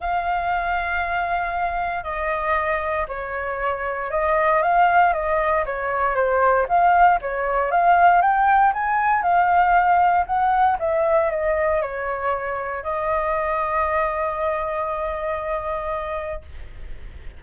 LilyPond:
\new Staff \with { instrumentName = "flute" } { \time 4/4 \tempo 4 = 117 f''1 | dis''2 cis''2 | dis''4 f''4 dis''4 cis''4 | c''4 f''4 cis''4 f''4 |
g''4 gis''4 f''2 | fis''4 e''4 dis''4 cis''4~ | cis''4 dis''2.~ | dis''1 | }